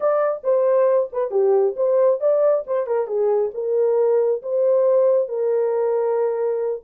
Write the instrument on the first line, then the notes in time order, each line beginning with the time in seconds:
horn
0.00 D5
0.43 C5
1.12 B4
1.31 G4
1.76 C5
2.20 D5
2.66 C5
2.87 A#4
3.07 G#4
3.53 A#4
4.42 C5
5.28 A#4